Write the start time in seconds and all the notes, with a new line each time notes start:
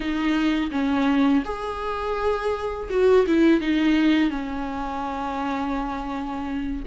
0.00 D#4
0.71 C#4
1.44 G#4
2.89 F#4
3.27 E4
3.60 D#4
4.30 C#4